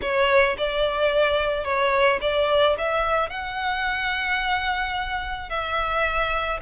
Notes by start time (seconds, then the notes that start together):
0.01 C#5
0.57 D5
1.64 C#5
2.21 D5
2.77 E5
3.29 F#5
5.49 E5